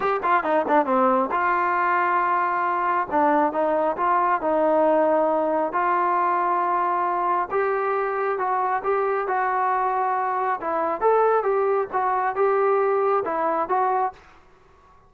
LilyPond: \new Staff \with { instrumentName = "trombone" } { \time 4/4 \tempo 4 = 136 g'8 f'8 dis'8 d'8 c'4 f'4~ | f'2. d'4 | dis'4 f'4 dis'2~ | dis'4 f'2.~ |
f'4 g'2 fis'4 | g'4 fis'2. | e'4 a'4 g'4 fis'4 | g'2 e'4 fis'4 | }